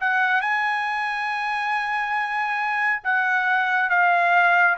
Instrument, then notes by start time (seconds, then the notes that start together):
trumpet
0.00 F#5
0.41 G#5
3.03 F#5
3.89 F5